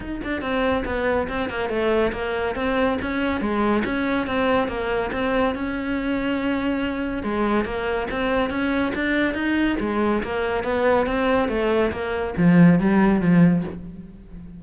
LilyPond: \new Staff \with { instrumentName = "cello" } { \time 4/4 \tempo 4 = 141 dis'8 d'8 c'4 b4 c'8 ais8 | a4 ais4 c'4 cis'4 | gis4 cis'4 c'4 ais4 | c'4 cis'2.~ |
cis'4 gis4 ais4 c'4 | cis'4 d'4 dis'4 gis4 | ais4 b4 c'4 a4 | ais4 f4 g4 f4 | }